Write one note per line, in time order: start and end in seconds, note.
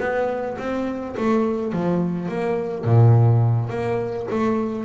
0.00 0.57 B3
0.58 1.16 C4
1.17 1.72 A3
1.72 2.28 F3
2.28 2.84 A#3
2.84 3.70 A#2
3.70 4.27 A#3
4.30 4.84 A3